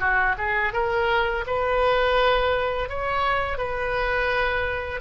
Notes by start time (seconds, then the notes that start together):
0.00 F#4
0.38 G#4
0.73 A#4
1.47 B4
2.89 C#5
3.58 B4